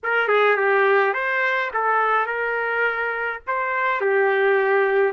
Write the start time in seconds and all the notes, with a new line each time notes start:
0.03 A#4
0.28 G#4
0.56 G4
1.13 C5
1.73 A4
2.26 A#4
3.47 C5
4.01 G4